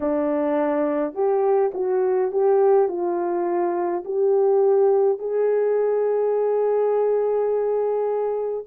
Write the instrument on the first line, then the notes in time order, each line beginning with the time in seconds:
horn
0.00 D4
1.14 G4
1.74 F#4
2.31 G4
2.88 F4
4.04 G4
5.18 G#4